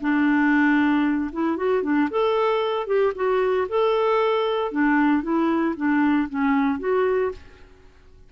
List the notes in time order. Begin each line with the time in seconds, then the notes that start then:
0.00 D4
1.32 E4
1.57 F#4
1.82 D4
2.10 A4
2.86 G4
3.15 F#4
3.69 A4
4.71 D4
5.22 E4
5.76 D4
6.29 C#4
6.79 F#4